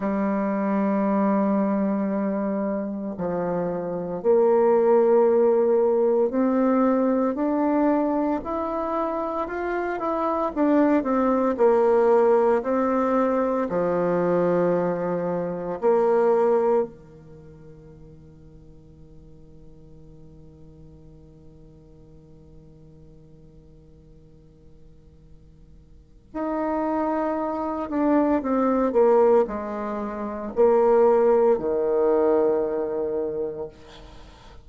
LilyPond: \new Staff \with { instrumentName = "bassoon" } { \time 4/4 \tempo 4 = 57 g2. f4 | ais2 c'4 d'4 | e'4 f'8 e'8 d'8 c'8 ais4 | c'4 f2 ais4 |
dis1~ | dis1~ | dis4 dis'4. d'8 c'8 ais8 | gis4 ais4 dis2 | }